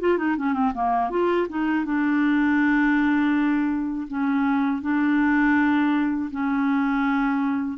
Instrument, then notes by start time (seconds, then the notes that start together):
clarinet
0.00 F4
0.18 D#4
0.37 C#4
0.54 C4
0.74 A#3
1.10 F4
1.49 D#4
1.85 D4
4.08 C#4
4.82 D4
6.31 C#4